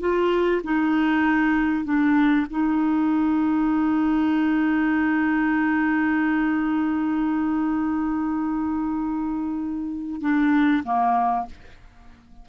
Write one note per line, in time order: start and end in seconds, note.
0.00 0.62 F4
0.64 1.84 D#4
1.84 2.46 D4
2.50 10.21 D#4
10.21 10.83 D4
10.84 11.46 A#3